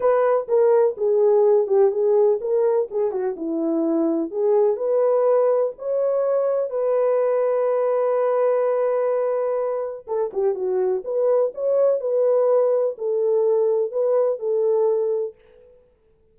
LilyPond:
\new Staff \with { instrumentName = "horn" } { \time 4/4 \tempo 4 = 125 b'4 ais'4 gis'4. g'8 | gis'4 ais'4 gis'8 fis'8 e'4~ | e'4 gis'4 b'2 | cis''2 b'2~ |
b'1~ | b'4 a'8 g'8 fis'4 b'4 | cis''4 b'2 a'4~ | a'4 b'4 a'2 | }